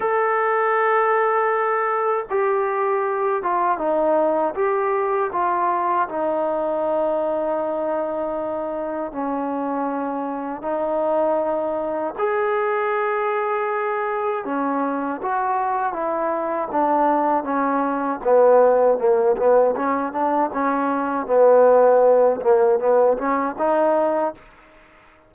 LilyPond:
\new Staff \with { instrumentName = "trombone" } { \time 4/4 \tempo 4 = 79 a'2. g'4~ | g'8 f'8 dis'4 g'4 f'4 | dis'1 | cis'2 dis'2 |
gis'2. cis'4 | fis'4 e'4 d'4 cis'4 | b4 ais8 b8 cis'8 d'8 cis'4 | b4. ais8 b8 cis'8 dis'4 | }